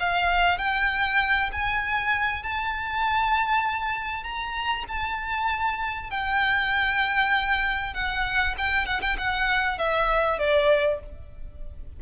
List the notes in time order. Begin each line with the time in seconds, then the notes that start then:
0.00 F5
0.58 G5
1.52 G#5
2.43 A5
4.24 A#5
4.88 A5
6.10 G5
7.94 F#5
8.58 G5
8.86 F#5
9.02 G5
9.18 F#5
9.78 E5
10.39 D5